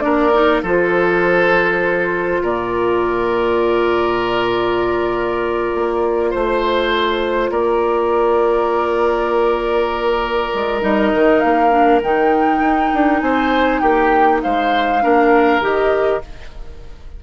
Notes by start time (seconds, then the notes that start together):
0.00 A#3 D4 A#4 D5
0.34 D#4
0.62 F3 F4 A4 C5
2.42 A#2 A#4 D5
5.74 A#3
6.30 A3 C5
7.50 A#3 A#4 D5
10.54 G#3
10.81 G3 D#4 D#5
11.14 D#3
11.40 A#3 F5
11.71 D4
12.03 D#3 D#4 G5
12.60 D#4
12.94 D4
13.20 C4 C5 G#5
13.80 A#3 G4 G5
14.42 G#3 C5 F5
15.02 A#3 D4 A#4
15.61 D#3 G4 D#5